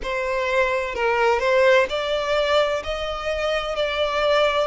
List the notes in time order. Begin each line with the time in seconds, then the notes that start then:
0.03 C5
0.95 A#4
1.39 C5
1.89 D5
2.83 D#5
3.75 D5